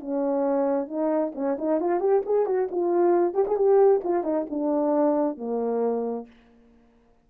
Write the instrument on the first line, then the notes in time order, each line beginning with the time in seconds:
horn
0.00 C#4
0.88 D#4
1.35 C#4
1.58 D#4
1.81 F4
2.00 G4
2.26 G#4
2.46 F#4
2.71 F4
3.34 G4
3.47 G#4
3.56 G4
4.04 F4
4.23 D#4
4.50 D4
5.37 A#3